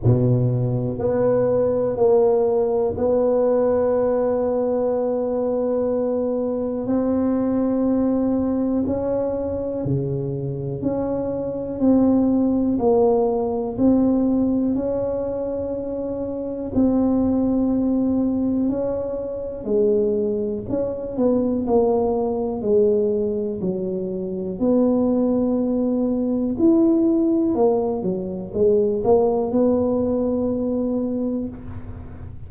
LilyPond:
\new Staff \with { instrumentName = "tuba" } { \time 4/4 \tempo 4 = 61 b,4 b4 ais4 b4~ | b2. c'4~ | c'4 cis'4 cis4 cis'4 | c'4 ais4 c'4 cis'4~ |
cis'4 c'2 cis'4 | gis4 cis'8 b8 ais4 gis4 | fis4 b2 e'4 | ais8 fis8 gis8 ais8 b2 | }